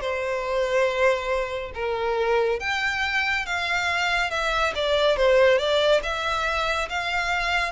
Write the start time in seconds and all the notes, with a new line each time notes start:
0.00 C5
1.74 A#4
2.59 G5
3.46 F5
4.31 E5
4.75 D5
5.16 C5
5.58 D5
6.03 E5
6.89 F5